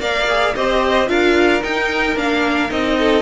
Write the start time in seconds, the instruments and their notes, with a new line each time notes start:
0.00 cello A#3, viola A#4, violin D5 F5
0.29 viola G#4
0.56 cello C4, viola G4, violin C5 D#5
1.07 cello D4, viola F4, violin A#4 F5
1.61 viola D#4, cello D#4, violin G5
2.16 cello A#3, viola D4, violin F5
2.69 cello C4, viola D#4, violin D#5
2.99 violin A4